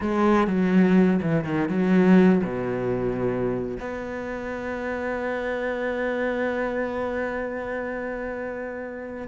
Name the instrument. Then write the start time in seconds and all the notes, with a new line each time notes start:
cello
0.00 G#3
0.47 F#3
1.22 E3
1.44 D#3
1.69 F#3
2.44 B2
3.79 B3